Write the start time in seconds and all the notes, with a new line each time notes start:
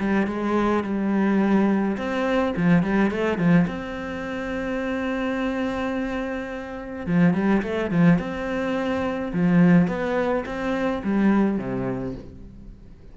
0.00 G3
0.27 G#3
0.84 G3
1.97 C4
2.57 F3
2.83 G3
3.11 A3
3.38 F3
3.67 C4
7.07 F3
7.34 G3
7.63 A3
7.91 F3
8.19 C4
9.33 F3
9.88 B3
10.46 C4
11.04 G3
11.58 C3